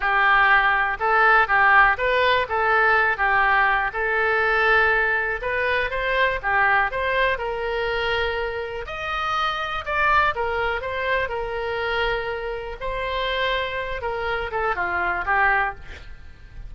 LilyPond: \new Staff \with { instrumentName = "oboe" } { \time 4/4 \tempo 4 = 122 g'2 a'4 g'4 | b'4 a'4. g'4. | a'2. b'4 | c''4 g'4 c''4 ais'4~ |
ais'2 dis''2 | d''4 ais'4 c''4 ais'4~ | ais'2 c''2~ | c''8 ais'4 a'8 f'4 g'4 | }